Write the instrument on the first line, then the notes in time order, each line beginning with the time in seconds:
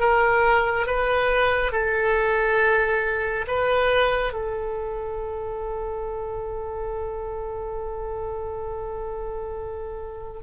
oboe
0.00 A#4
0.87 B4
1.72 A4
3.48 B4
4.33 A4